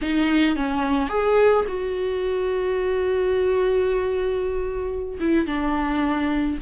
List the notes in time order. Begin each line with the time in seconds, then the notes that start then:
0.01 D#4
0.56 C#4
1.09 G#4
1.67 F#4
5.20 E4
5.46 D4